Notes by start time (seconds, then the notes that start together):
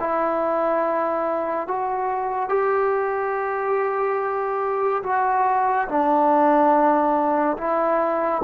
0.00 E4
1.67 F#4
2.49 G4
5.03 F#4
5.88 D4
7.57 E4